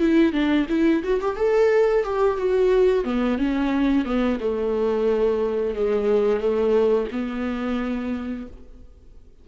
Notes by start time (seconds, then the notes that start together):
0.00 E4
0.33 D4
0.70 E4
1.04 F#4
1.21 G4
1.37 A4
2.04 G4
2.38 F#4
3.05 B3
3.39 C#4
4.05 B3
4.41 A3
5.75 G#3
6.40 A3
7.12 B3